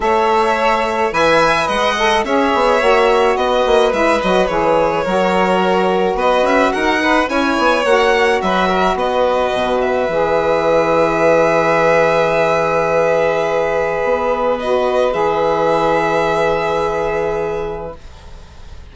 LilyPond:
<<
  \new Staff \with { instrumentName = "violin" } { \time 4/4 \tempo 4 = 107 e''2 gis''4 fis''4 | e''2 dis''4 e''8 dis''8 | cis''2. dis''8 e''8 | fis''4 gis''4 fis''4 e''4 |
dis''4. e''2~ e''8~ | e''1~ | e''2 dis''4 e''4~ | e''1 | }
  \new Staff \with { instrumentName = "violin" } { \time 4/4 cis''2 e''4 dis''4 | cis''2 b'2~ | b'4 ais'2 b'4 | ais'8 b'8 cis''2 b'8 ais'8 |
b'1~ | b'1~ | b'1~ | b'1 | }
  \new Staff \with { instrumentName = "saxophone" } { \time 4/4 a'2 b'4. a'8 | gis'4 fis'2 e'8 fis'8 | gis'4 fis'2.~ | fis'8 dis'8 e'4 fis'2~ |
fis'2 gis'2~ | gis'1~ | gis'2 fis'4 gis'4~ | gis'1 | }
  \new Staff \with { instrumentName = "bassoon" } { \time 4/4 a2 e4 gis4 | cis'8 b8 ais4 b8 ais8 gis8 fis8 | e4 fis2 b8 cis'8 | dis'4 cis'8 b8 ais4 fis4 |
b4 b,4 e2~ | e1~ | e4 b2 e4~ | e1 | }
>>